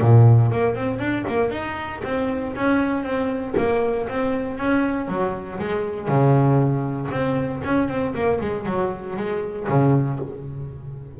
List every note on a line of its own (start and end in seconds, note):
0.00 0.51 A#2
0.51 0.75 A#3
0.75 0.99 C4
0.99 1.24 D4
1.28 1.51 A#3
1.51 2.02 D#4
2.04 2.55 C4
2.55 3.03 C#4
3.03 3.54 C4
3.57 4.07 A#3
4.08 4.58 C4
4.58 5.08 C#4
5.08 5.58 F#3
5.59 6.08 G#3
6.08 7.10 C#3
7.11 7.62 C4
7.64 7.88 C#4
7.88 8.14 C4
8.14 8.39 A#3
8.40 8.66 G#3
8.66 9.16 F#3
9.16 9.67 G#3
9.69 10.19 C#3